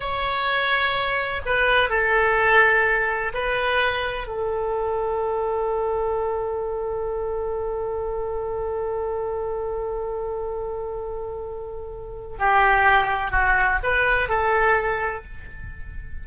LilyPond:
\new Staff \with { instrumentName = "oboe" } { \time 4/4 \tempo 4 = 126 cis''2. b'4 | a'2. b'4~ | b'4 a'2.~ | a'1~ |
a'1~ | a'1~ | a'2 g'2 | fis'4 b'4 a'2 | }